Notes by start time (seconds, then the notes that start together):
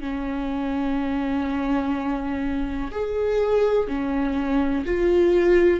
0.00 C#4
2.91 G#4
3.88 C#4
4.85 F4